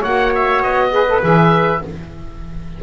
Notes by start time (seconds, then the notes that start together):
0.00 A#3 F#4 C#5 F#5
0.34 E5
0.62 B3 D#5
0.91 G#4 B4
1.08 A4
1.22 E3 G#4 E5